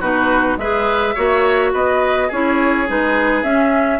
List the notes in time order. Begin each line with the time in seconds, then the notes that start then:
0.00 B2 D#4 F#4 B4
0.57 G#3 G#4 B4 E5
1.15 A#3 F#4 C#5
1.73 B3 B4 D#5
2.27 C#4 E4 G#4 C#5
2.87 G#3 D#4 B4
3.43 C#4 E5